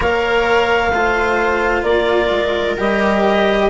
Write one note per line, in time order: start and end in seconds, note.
0.00 0.92 A#3
0.00 0.91 A#4
0.00 0.91 C#5
0.00 1.83 F5
0.92 1.82 A3
0.92 2.77 F4
0.92 1.84 C5
1.82 2.28 A#3
1.82 3.69 A#4
1.82 2.75 D5
2.30 2.76 G#3
2.77 3.69 G3
2.77 3.69 G4
2.77 3.69 D#5